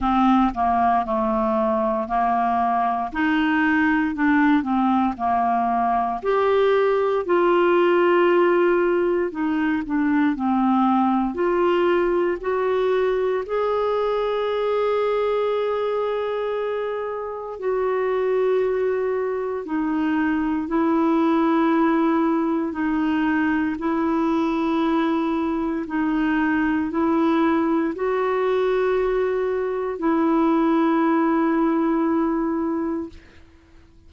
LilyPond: \new Staff \with { instrumentName = "clarinet" } { \time 4/4 \tempo 4 = 58 c'8 ais8 a4 ais4 dis'4 | d'8 c'8 ais4 g'4 f'4~ | f'4 dis'8 d'8 c'4 f'4 | fis'4 gis'2.~ |
gis'4 fis'2 dis'4 | e'2 dis'4 e'4~ | e'4 dis'4 e'4 fis'4~ | fis'4 e'2. | }